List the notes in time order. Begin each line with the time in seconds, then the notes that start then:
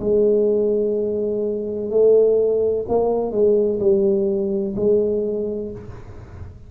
0.00 G#3
1.90 A3
2.89 A#3
3.32 G#3
3.80 G3
4.76 G#3